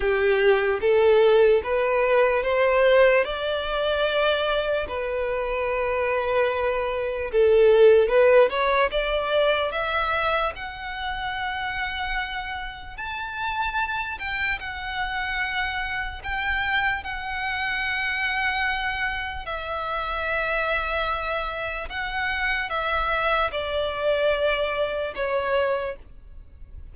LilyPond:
\new Staff \with { instrumentName = "violin" } { \time 4/4 \tempo 4 = 74 g'4 a'4 b'4 c''4 | d''2 b'2~ | b'4 a'4 b'8 cis''8 d''4 | e''4 fis''2. |
a''4. g''8 fis''2 | g''4 fis''2. | e''2. fis''4 | e''4 d''2 cis''4 | }